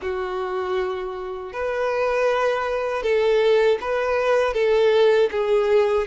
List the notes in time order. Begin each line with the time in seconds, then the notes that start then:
0.01 F#4
1.53 B4
3.02 A4
3.80 B4
4.53 A4
5.31 G#4